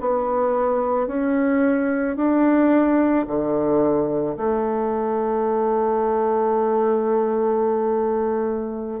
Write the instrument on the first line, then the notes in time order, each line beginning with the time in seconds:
bassoon
0.00 B3
1.07 C#4
2.16 D4
3.27 D3
4.36 A3